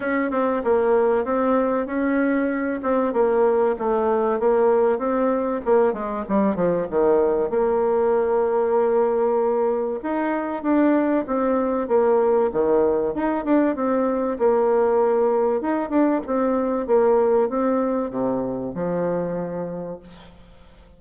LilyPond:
\new Staff \with { instrumentName = "bassoon" } { \time 4/4 \tempo 4 = 96 cis'8 c'8 ais4 c'4 cis'4~ | cis'8 c'8 ais4 a4 ais4 | c'4 ais8 gis8 g8 f8 dis4 | ais1 |
dis'4 d'4 c'4 ais4 | dis4 dis'8 d'8 c'4 ais4~ | ais4 dis'8 d'8 c'4 ais4 | c'4 c4 f2 | }